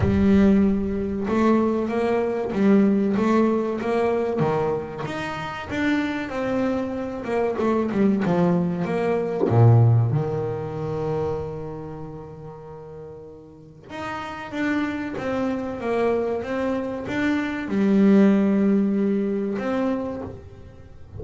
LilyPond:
\new Staff \with { instrumentName = "double bass" } { \time 4/4 \tempo 4 = 95 g2 a4 ais4 | g4 a4 ais4 dis4 | dis'4 d'4 c'4. ais8 | a8 g8 f4 ais4 ais,4 |
dis1~ | dis2 dis'4 d'4 | c'4 ais4 c'4 d'4 | g2. c'4 | }